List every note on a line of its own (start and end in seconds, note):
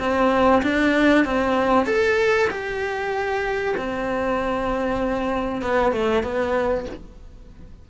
0.00 0.62 C4
0.63 1.25 D4
1.25 1.87 C4
1.87 2.49 A4
2.51 3.76 G4
3.77 5.62 C4
5.62 5.93 B3
5.93 6.23 A3
6.23 6.86 B3